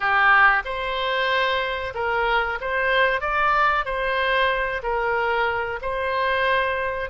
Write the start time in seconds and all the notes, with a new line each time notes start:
0.00 G4
0.64 C5
1.94 A#4
2.60 C5
3.21 D5
3.85 C5
4.82 A#4
5.81 C5